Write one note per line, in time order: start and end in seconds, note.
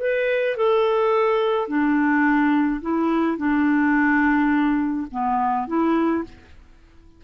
0.00 0.56 B4
0.56 1.68 A4
1.68 2.81 D4
2.81 3.37 E4
3.37 5.07 D4
5.11 5.67 B3
5.67 6.24 E4